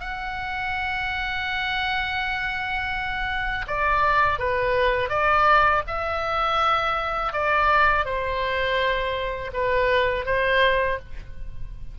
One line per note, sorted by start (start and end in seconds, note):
0.00 3.66 F#5
3.67 4.39 D5
4.39 5.09 B4
5.09 5.82 D5
5.87 7.33 E5
7.33 8.05 D5
8.05 9.52 C5
9.53 10.25 B4
10.25 10.99 C5